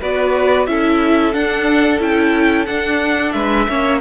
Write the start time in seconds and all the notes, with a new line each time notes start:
0.00 B3 F#4 B4 D5
0.66 C#4 E4 A4 E5
1.32 D4 F#5
1.99 C#4 E4 G5
2.65 D4 F#5
3.32 G#3 B4 E5
3.68 A#3 C#4 C#5